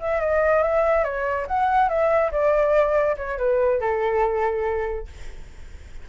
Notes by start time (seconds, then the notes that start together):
0.00 E5
0.21 D#5
0.63 E5
1.05 C#5
1.48 F#5
1.89 E5
2.32 D5
3.17 C#5
3.39 B4
3.81 A4